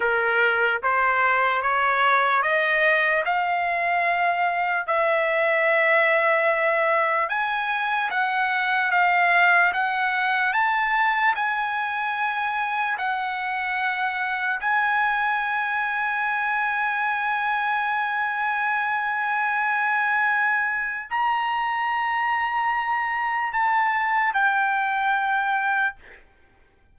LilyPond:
\new Staff \with { instrumentName = "trumpet" } { \time 4/4 \tempo 4 = 74 ais'4 c''4 cis''4 dis''4 | f''2 e''2~ | e''4 gis''4 fis''4 f''4 | fis''4 a''4 gis''2 |
fis''2 gis''2~ | gis''1~ | gis''2 ais''2~ | ais''4 a''4 g''2 | }